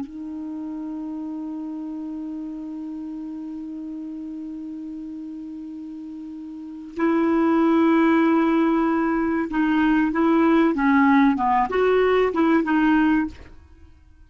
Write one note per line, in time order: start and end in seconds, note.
0.00 6.95 D#4
6.96 9.49 E4
9.50 10.12 D#4
10.12 10.74 E4
10.74 11.36 C#4
11.36 11.68 B3
11.69 12.32 F#4
12.33 12.63 E4
12.63 13.27 D#4